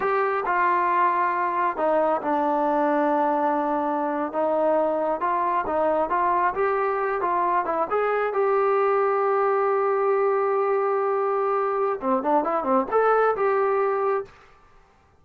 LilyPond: \new Staff \with { instrumentName = "trombone" } { \time 4/4 \tempo 4 = 135 g'4 f'2. | dis'4 d'2.~ | d'4.~ d'16 dis'2 f'16~ | f'8. dis'4 f'4 g'4~ g'16~ |
g'16 f'4 e'8 gis'4 g'4~ g'16~ | g'1~ | g'2. c'8 d'8 | e'8 c'8 a'4 g'2 | }